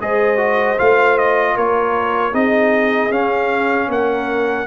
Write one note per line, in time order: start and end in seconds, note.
0.00 0.78 G#3
0.00 0.37 G#4
0.00 1.55 C5
0.00 0.79 D#5
0.37 0.76 F#4
0.78 1.56 A3
0.78 2.33 F4
0.78 1.18 F5
1.18 1.57 D#5
1.55 2.33 A#3
1.55 2.32 A#4
1.55 2.34 C#5
2.32 3.10 C4
2.32 3.11 D#4
2.32 3.88 G#4
2.32 3.12 D#5
3.10 3.88 C#4
3.10 4.67 C#4
3.10 3.90 F5
3.88 4.66 A#3
3.88 4.67 A#4
3.88 4.67 F#5